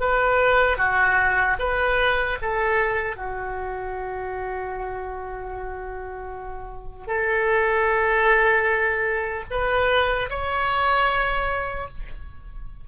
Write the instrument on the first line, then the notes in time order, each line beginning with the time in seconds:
oboe
0.00 B4
0.78 F#4
1.59 B4
2.42 A4
3.16 F#4
7.07 A4
9.51 B4
10.30 C#5